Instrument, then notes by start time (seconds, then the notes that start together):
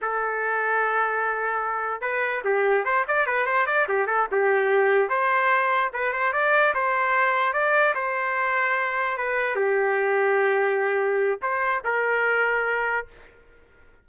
trumpet
0.01 A4
2.01 B4
2.44 G4
2.85 C5
3.07 D5
3.26 B4
3.45 C5
3.66 D5
3.88 G4
4.06 A4
4.31 G4
5.09 C5
5.93 B4
6.12 C5
6.32 D5
6.74 C5
7.53 D5
7.95 C5
9.17 B4
9.55 G4
11.42 C5
11.84 A#4